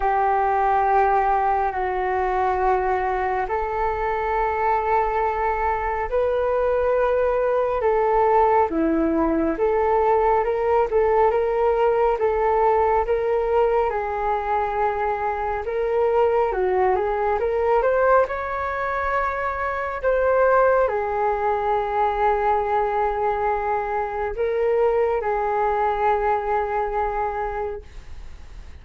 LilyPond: \new Staff \with { instrumentName = "flute" } { \time 4/4 \tempo 4 = 69 g'2 fis'2 | a'2. b'4~ | b'4 a'4 e'4 a'4 | ais'8 a'8 ais'4 a'4 ais'4 |
gis'2 ais'4 fis'8 gis'8 | ais'8 c''8 cis''2 c''4 | gis'1 | ais'4 gis'2. | }